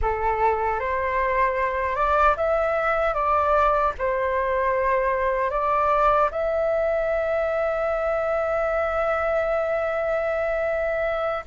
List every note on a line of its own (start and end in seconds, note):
0.01 0.79 A4
0.79 1.95 C5
1.95 2.35 D5
2.36 3.14 E5
3.14 3.93 D5
3.98 5.50 C5
5.50 6.29 D5
6.31 11.44 E5